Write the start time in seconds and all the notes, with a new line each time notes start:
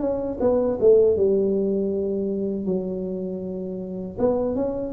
0.00 C#4
0.41 B3
0.80 A3
1.17 G3
2.65 F#3
4.19 B3
4.55 C#4